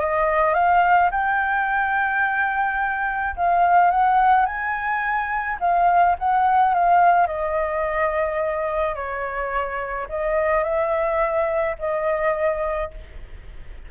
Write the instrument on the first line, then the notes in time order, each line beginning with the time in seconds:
flute
0.00 D#5
0.54 F5
1.11 G5
3.36 F5
3.91 F#5
4.46 G#5
5.60 F5
6.19 F#5
6.74 F5
7.27 D#5
8.95 C#5
10.09 D#5
10.64 E5
11.79 D#5